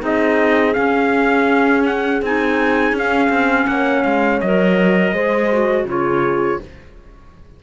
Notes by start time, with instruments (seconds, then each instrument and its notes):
0.00 cello C4, clarinet D#4, horn G#4, trumpet D#5
0.74 clarinet C#4, cello C#4, trumpet F5
1.86 trumpet F#5
2.22 cello C4, clarinet D#4, trumpet G#5
2.93 cello C#4
2.99 clarinet C#4, trumpet F5
3.30 cello C4
3.67 cello A#3, horn C#5, trumpet F#5
4.04 cello G#3, trumpet F5
4.41 cello F#3, clarinet A#4, trumpet D#5
5.13 cello G#3, clarinet G#4, horn C5
5.52 clarinet F#4
5.85 cello C#3, clarinet F4, horn G#4, trumpet C#5